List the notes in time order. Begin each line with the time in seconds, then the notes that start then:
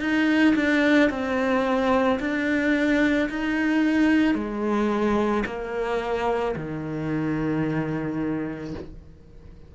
0.00 D#4
0.56 D4
1.10 C4
2.20 D4
3.29 D#4
4.34 G#3
5.46 A#3
6.56 D#3